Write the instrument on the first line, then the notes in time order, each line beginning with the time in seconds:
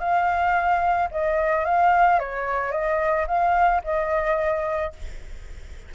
flute
0.00 F5
1.11 D#5
1.65 F5
2.19 C#5
2.72 D#5
3.28 F5
3.84 D#5